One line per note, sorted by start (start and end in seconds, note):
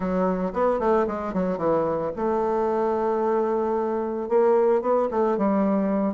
0.00 0.52 F#3
0.53 0.79 B3
0.79 1.06 A3
1.07 1.33 G#3
1.33 1.57 F#3
1.57 2.11 E3
2.16 4.28 A3
4.28 4.81 A#3
4.81 5.08 B3
5.10 5.37 A3
5.37 6.13 G3